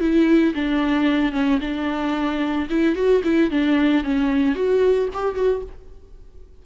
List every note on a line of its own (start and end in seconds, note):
0.00 0.54 E4
0.55 1.32 D4
1.32 1.59 C#4
1.60 2.68 D4
2.70 2.95 E4
2.95 3.22 F#4
3.24 3.50 E4
3.50 4.03 D4
4.03 4.55 C#4
4.55 5.08 F#4
5.13 5.35 G4
5.35 5.62 F#4